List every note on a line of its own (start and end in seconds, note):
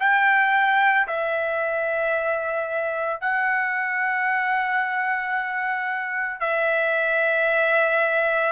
0.00 1.07 G5
1.08 3.21 E5
3.21 6.40 F#5
6.40 8.52 E5